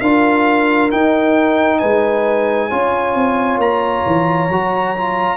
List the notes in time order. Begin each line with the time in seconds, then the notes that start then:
0.00 D4 F4 A#4 F5
0.91 D#4 G5
1.79 G#3 B4 G#5
2.69 C#4 F4 C#5
3.15 C4
3.57 A#3 A#5
4.06 E3
4.49 F#3 F#4
4.97 F4